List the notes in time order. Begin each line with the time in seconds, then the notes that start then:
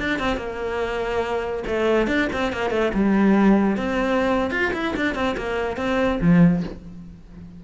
0.00 D4
0.20 C4
0.37 A#3
1.67 A3
2.08 D4
2.33 C4
2.53 A#3
2.71 A3
2.95 G3
3.77 C4
4.51 F4
4.74 E4
4.97 D4
5.15 C4
5.38 A#3
5.77 C4
6.21 F3